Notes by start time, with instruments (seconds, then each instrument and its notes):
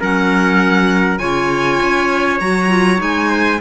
0.00 cello F#3, clarinet C#4, trumpet A#4, violin F#5
1.18 cello C#3, clarinet F4, trumpet C#5, violin G#5
1.83 cello C#4
2.40 cello F#3, clarinet F#4, violin A#5
2.69 clarinet F4
2.97 cello G#3, clarinet D#4, violin G#5
3.29 trumpet C5